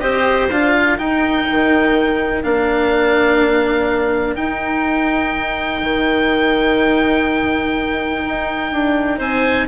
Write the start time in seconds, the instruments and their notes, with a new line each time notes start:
0.00 bassoon C4, cello G4, clarinet C5, oboe D#5
0.51 bassoon D4, cello F4, oboe F5
0.75 clarinet A#4
0.98 cello D#4, bassoon D#4, oboe G5
1.50 bassoon D#3
2.44 bassoon A#3, cello D4, oboe F5
4.36 cello D#4, bassoon D#4, oboe G5
5.82 bassoon D#3
8.25 bassoon D#4
8.72 bassoon D4
9.18 bassoon C4, clarinet C5, oboe G#5